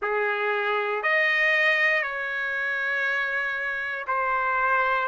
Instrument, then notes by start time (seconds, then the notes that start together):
trumpet
0.01 G#4
1.02 D#5
2.02 C#5
4.07 C5